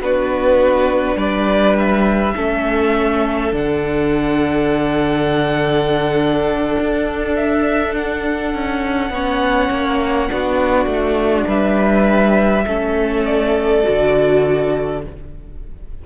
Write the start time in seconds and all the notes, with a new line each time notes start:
0.00 B3 D4 F#4 B4
1.15 G3 B4 D5
1.78 E5
2.36 A3 C#4 A4
3.52 D3 D4 F#5
6.79 D4
7.35 E5
7.96 F#5
8.54 C#4
9.10 B3 C#4 C#5
9.70 A#3
10.28 B3 D4 F#4
10.86 A3
11.47 G3 B4 E5
12.66 A3 C#4 A4
13.25 D5
13.83 D3 F#4